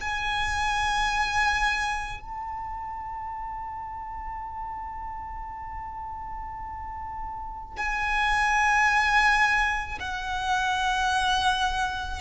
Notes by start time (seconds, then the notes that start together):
0.00 G#5
2.21 A5
7.77 G#5
9.99 F#5